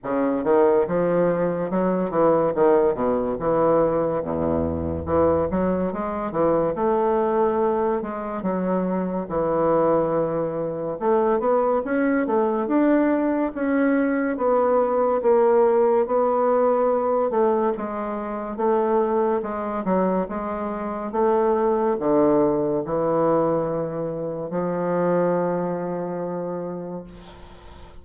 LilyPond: \new Staff \with { instrumentName = "bassoon" } { \time 4/4 \tempo 4 = 71 cis8 dis8 f4 fis8 e8 dis8 b,8 | e4 e,4 e8 fis8 gis8 e8 | a4. gis8 fis4 e4~ | e4 a8 b8 cis'8 a8 d'4 |
cis'4 b4 ais4 b4~ | b8 a8 gis4 a4 gis8 fis8 | gis4 a4 d4 e4~ | e4 f2. | }